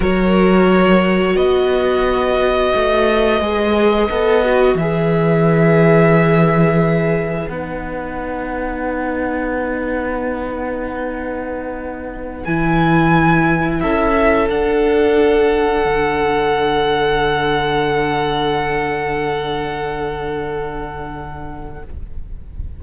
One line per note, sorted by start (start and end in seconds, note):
0.00 1.36 F#3
0.00 3.40 F#4
0.00 1.35 A#4
0.00 1.36 C#5
1.35 2.72 B3
1.35 13.79 B4
1.35 4.77 D#5
2.75 3.40 A3
3.40 4.08 G#3
3.40 4.09 G#4
4.10 4.74 B3
4.10 4.44 A4
4.44 4.78 F#4
4.74 7.47 E3
4.74 7.49 G#4
4.74 7.49 E5
7.48 12.42 B3
7.48 12.43 D#4
7.48 12.43 F#5
12.44 13.83 E3
12.44 14.46 E4
12.44 13.80 G#5
13.80 14.48 C#4
13.80 21.83 A4
13.80 14.48 E5
14.46 21.79 D4
14.46 15.85 D4
14.46 21.82 F#5
15.85 21.82 D3